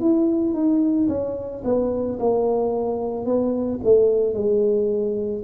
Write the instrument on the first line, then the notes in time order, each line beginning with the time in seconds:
tuba
0.00 E4
0.53 D#4
1.08 C#4
1.64 B3
2.19 A#3
3.25 B3
3.83 A3
4.33 G#3